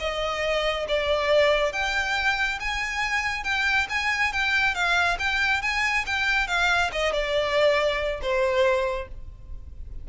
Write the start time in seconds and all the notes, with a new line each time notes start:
0.00 D#5
0.88 D5
1.73 G5
2.60 G#5
3.44 G5
3.90 G#5
4.33 G5
4.75 F5
5.19 G5
5.62 G#5
6.06 G5
6.48 F5
6.92 D#5
7.13 D5
8.22 C5